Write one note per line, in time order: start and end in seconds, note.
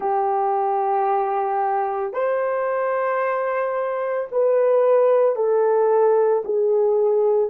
0.00 2.13 G4
2.13 4.27 C5
4.31 5.35 B4
5.35 6.42 A4
6.44 7.49 G#4